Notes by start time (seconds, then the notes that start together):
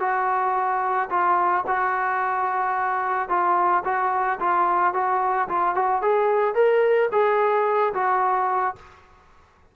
0.00 F#4
1.10 F4
1.67 F#4
3.29 F4
3.85 F#4
4.40 F4
4.94 F#4
5.49 F4
5.75 F#4
6.02 G#4
6.55 A#4
7.12 G#4
7.94 F#4